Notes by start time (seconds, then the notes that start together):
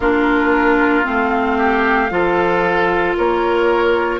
0.00 A#3 D4 F4 A#4
1.03 A3 C4 F5
1.57 G4
2.10 F3 F4 A4
3.17 A#3 A#4 C#5